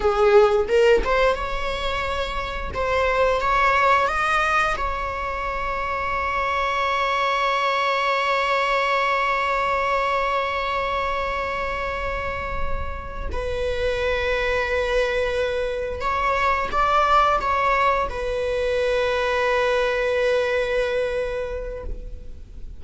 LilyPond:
\new Staff \with { instrumentName = "viola" } { \time 4/4 \tempo 4 = 88 gis'4 ais'8 c''8 cis''2 | c''4 cis''4 dis''4 cis''4~ | cis''1~ | cis''1~ |
cis''2.~ cis''8 b'8~ | b'2.~ b'8 cis''8~ | cis''8 d''4 cis''4 b'4.~ | b'1 | }